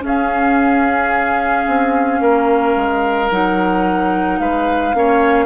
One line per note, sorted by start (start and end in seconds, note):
0.00 3.27 C#4
0.00 1.66 C#4
0.00 2.22 G#4
0.00 3.32 F5
1.67 2.21 C4
2.21 2.75 A#3
2.21 4.40 A#4
2.76 3.31 G#3
3.31 4.40 F#3
3.31 4.95 D#4
3.31 4.40 F#5
4.40 4.94 G#3
4.40 4.96 B4
4.40 5.46 F5
4.94 5.46 A#3
4.94 5.46 C#4
4.94 5.46 C#5